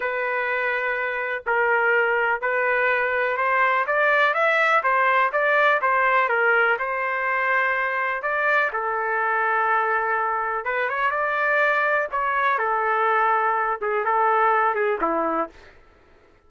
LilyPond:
\new Staff \with { instrumentName = "trumpet" } { \time 4/4 \tempo 4 = 124 b'2. ais'4~ | ais'4 b'2 c''4 | d''4 e''4 c''4 d''4 | c''4 ais'4 c''2~ |
c''4 d''4 a'2~ | a'2 b'8 cis''8 d''4~ | d''4 cis''4 a'2~ | a'8 gis'8 a'4. gis'8 e'4 | }